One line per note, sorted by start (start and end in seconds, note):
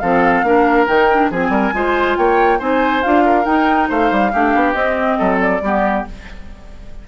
0.00 0.43 F3
0.00 0.45 C4
0.00 0.45 A4
0.00 0.86 F5
0.43 0.86 A#3
0.43 0.88 D4
0.43 1.31 A#4
0.87 1.31 D#3
0.87 1.09 D#4
0.87 1.31 G5
1.12 1.32 D4
1.31 1.49 F3
1.31 1.74 C4
1.31 1.51 G#4
1.31 2.17 G#5
1.49 1.71 G3
1.49 1.73 A#4
1.74 2.17 G#3
1.74 2.60 F4
1.74 2.18 C5
2.17 2.60 A#3
2.17 2.59 C#5
2.17 2.60 G5
2.59 3.03 C4
2.59 3.03 D#4
2.59 3.24 C5
2.59 3.03 G#5
3.03 3.46 D4
3.03 3.45 F4
3.03 3.46 F5
3.26 3.89 A#4
3.45 4.31 D#4
3.45 3.89 D#4
3.45 3.89 G5
3.89 4.11 A3
3.89 4.32 C5
3.89 4.73 F5
4.11 4.33 G3
4.32 4.55 A3
4.32 4.76 D4
4.32 5.18 G4
4.55 4.75 B3
4.73 5.18 C4
4.73 5.62 C4
4.73 5.38 D#5
5.18 5.61 F#3
5.18 5.61 A4
5.40 6.05 D5
5.61 6.04 G3
5.61 6.07 B3
5.61 6.08 G4